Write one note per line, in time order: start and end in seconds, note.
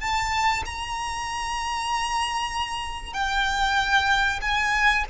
0.00 0.63 A5
0.65 3.13 A#5
3.13 4.40 G5
4.41 5.04 G#5